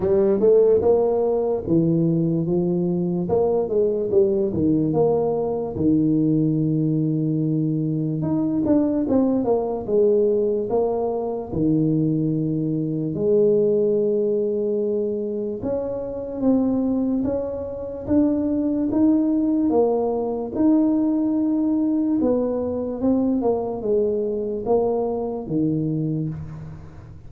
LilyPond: \new Staff \with { instrumentName = "tuba" } { \time 4/4 \tempo 4 = 73 g8 a8 ais4 e4 f4 | ais8 gis8 g8 dis8 ais4 dis4~ | dis2 dis'8 d'8 c'8 ais8 | gis4 ais4 dis2 |
gis2. cis'4 | c'4 cis'4 d'4 dis'4 | ais4 dis'2 b4 | c'8 ais8 gis4 ais4 dis4 | }